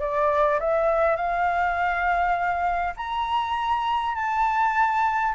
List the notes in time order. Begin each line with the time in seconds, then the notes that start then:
0.00 D5
0.60 E5
1.16 F5
2.96 A#5
4.15 A5